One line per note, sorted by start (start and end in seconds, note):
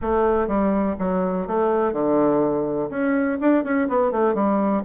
0.01 0.47 A3
0.47 0.96 G3
0.98 1.47 F#3
1.47 1.92 A3
1.92 2.89 D3
2.89 3.38 C#4
3.40 3.64 D4
3.64 3.88 C#4
3.88 4.11 B3
4.11 4.34 A3
4.34 4.83 G3